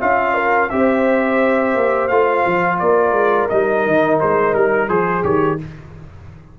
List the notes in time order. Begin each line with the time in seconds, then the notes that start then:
0.00 C#4 F4 E5 F5
0.35 A#4
0.70 C4 G4 C5 E5
1.75 A#3
2.08 A3 F4 F5
2.46 F3
2.79 A#3 A#4 D5
3.12 G#3
3.49 G3 D#4 D#5
3.87 D#3
4.20 G#3 C5
4.54 G3 A#4
4.89 F3 G#4 C5
5.24 D#3 G4 C#5